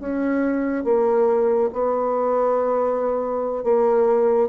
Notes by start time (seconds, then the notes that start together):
0.00 C#4
0.85 A#3
1.73 B3
3.64 A#3